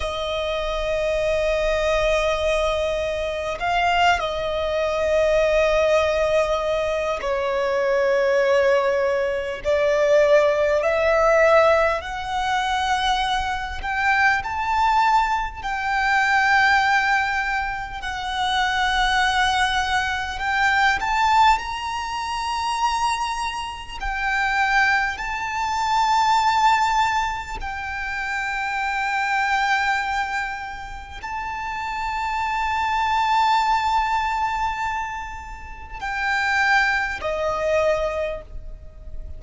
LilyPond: \new Staff \with { instrumentName = "violin" } { \time 4/4 \tempo 4 = 50 dis''2. f''8 dis''8~ | dis''2 cis''2 | d''4 e''4 fis''4. g''8 | a''4 g''2 fis''4~ |
fis''4 g''8 a''8 ais''2 | g''4 a''2 g''4~ | g''2 a''2~ | a''2 g''4 dis''4 | }